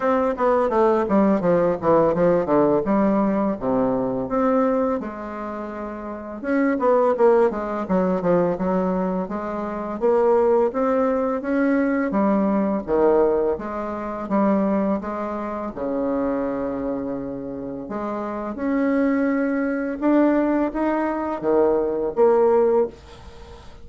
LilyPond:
\new Staff \with { instrumentName = "bassoon" } { \time 4/4 \tempo 4 = 84 c'8 b8 a8 g8 f8 e8 f8 d8 | g4 c4 c'4 gis4~ | gis4 cis'8 b8 ais8 gis8 fis8 f8 | fis4 gis4 ais4 c'4 |
cis'4 g4 dis4 gis4 | g4 gis4 cis2~ | cis4 gis4 cis'2 | d'4 dis'4 dis4 ais4 | }